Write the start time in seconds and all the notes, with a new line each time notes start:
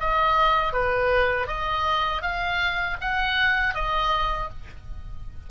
0.00 D#5
0.73 B4
1.47 D#5
2.22 F5
3.01 F#5
3.74 D#5